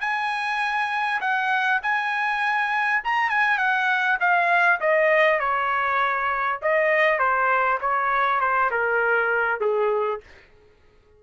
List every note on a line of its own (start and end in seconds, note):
0.00 1.20 G#5
1.20 1.80 F#5
1.82 3.02 G#5
3.04 3.29 A#5
3.29 3.58 G#5
3.58 4.18 F#5
4.19 4.79 F5
4.80 5.39 D#5
5.39 6.59 C#5
6.62 7.18 D#5
7.18 7.78 C5
7.80 8.40 C#5
8.40 8.70 C5
8.70 9.60 A#4
9.60 10.20 G#4